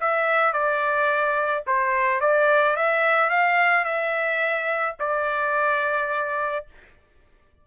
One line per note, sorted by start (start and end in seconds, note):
0.00 0.53 E5
0.53 1.64 D5
1.66 2.20 C5
2.20 2.76 D5
2.76 3.30 E5
3.30 3.84 F5
3.84 4.95 E5
4.99 6.66 D5